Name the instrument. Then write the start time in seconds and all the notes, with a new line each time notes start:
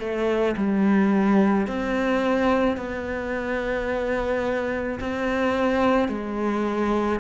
cello
0.00 A3
0.57 G3
1.68 C4
2.77 B3
5.00 C4
6.09 G#3